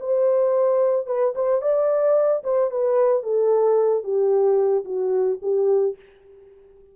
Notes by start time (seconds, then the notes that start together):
0.00 C5
1.07 B4
1.35 C5
1.62 D5
2.44 C5
2.71 B4
3.23 A4
4.04 G4
4.85 F#4
5.42 G4